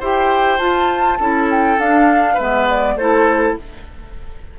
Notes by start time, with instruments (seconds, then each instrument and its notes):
0.00 bassoon E4, clarinet G4, oboe C5, flute G5
0.59 bassoon F4, clarinet F4, flute A5
1.20 bassoon C#4, clarinet E4, oboe A4
1.51 flute G5
1.78 bassoon D4, clarinet D4, flute F5
2.34 bassoon G#3, clarinet B3, oboe B4, flute E5
2.69 flute D5
2.96 bassoon A3, clarinet E4, oboe A4, flute C5